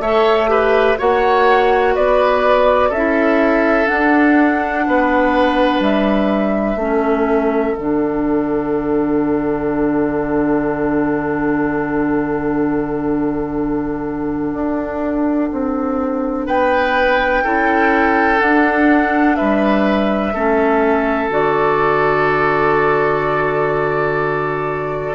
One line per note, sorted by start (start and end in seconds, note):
0.00 0.97 A3
0.00 0.48 A4
0.00 0.50 C#5
0.00 0.98 E5
0.48 0.97 G4
0.48 0.99 B4
0.98 1.96 A#3
0.98 2.92 F#4
0.98 1.94 C#5
0.98 1.96 F#5
1.94 2.90 B3
1.94 2.89 B4
1.94 2.92 D5
2.89 3.87 C#4
2.89 4.83 A4
2.89 3.87 E5
2.96 3.86 E4
3.86 6.76 D4
3.86 4.87 D4
3.86 5.81 F#5
4.87 5.80 B3
4.87 6.79 B4
5.80 6.76 G3
5.80 7.76 E5
6.76 7.72 A3
6.76 7.77 C#4
6.76 16.46 A4
7.76 14.53 D3
7.76 17.45 D4
7.76 16.47 F#5
14.53 15.50 D4
15.52 16.47 C4
16.46 17.44 B3
16.46 17.43 B4
16.46 18.40 G5
17.44 18.41 C#4
17.44 18.38 E4
17.44 19.37 A4
18.38 20.32 D4
18.38 19.37 D4
18.38 19.36 F#5
19.36 20.34 G3
19.36 20.34 B4
19.36 21.29 E5
20.34 21.30 A3
20.34 21.30 C#4
20.34 25.15 A4
21.30 25.15 D3
21.30 25.15 F#4
21.30 25.15 D5